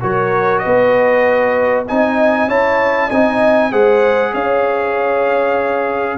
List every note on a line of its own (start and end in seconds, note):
0.00 0.64 F#3
0.00 1.86 F#4
0.00 0.63 A#4
0.00 0.59 C#5
0.59 1.86 B4
0.59 1.82 D#5
0.65 1.89 B3
1.87 2.48 C4
1.87 2.48 D#4
1.87 2.48 D#5
1.87 2.49 G#5
2.48 3.10 C#4
2.48 3.10 E4
2.48 3.07 C#5
2.48 3.10 A5
3.07 3.72 C4
3.07 3.72 D#4
3.07 3.69 D#5
3.07 3.72 G#5
3.70 4.34 G#3
3.70 6.18 G#4
3.70 4.32 C5
3.70 4.34 F#5
4.33 6.18 C#4
4.33 6.18 C#5
4.33 6.18 F5